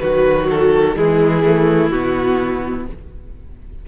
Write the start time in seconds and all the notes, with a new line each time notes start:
0.00 D#3 F#3 F#4 B4
0.50 A4
0.95 E3 G#3 E4 G#4
1.45 A3
1.90 B2 B3 F#4